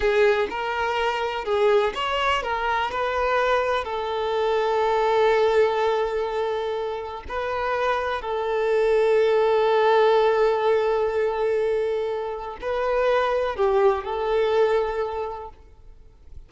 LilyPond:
\new Staff \with { instrumentName = "violin" } { \time 4/4 \tempo 4 = 124 gis'4 ais'2 gis'4 | cis''4 ais'4 b'2 | a'1~ | a'2. b'4~ |
b'4 a'2.~ | a'1~ | a'2 b'2 | g'4 a'2. | }